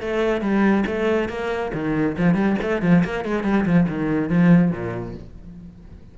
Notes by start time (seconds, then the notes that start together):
0.00 A3
0.41 G3
0.86 A3
1.29 A#3
1.73 D#3
2.18 F3
2.34 G3
2.62 A3
2.82 F3
3.04 A#3
3.25 G#3
3.43 G3
3.65 F3
3.88 D#3
4.29 F3
4.71 A#2